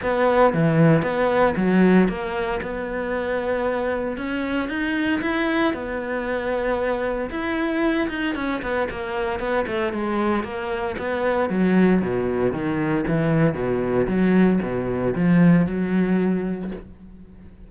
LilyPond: \new Staff \with { instrumentName = "cello" } { \time 4/4 \tempo 4 = 115 b4 e4 b4 fis4 | ais4 b2. | cis'4 dis'4 e'4 b4~ | b2 e'4. dis'8 |
cis'8 b8 ais4 b8 a8 gis4 | ais4 b4 fis4 b,4 | dis4 e4 b,4 fis4 | b,4 f4 fis2 | }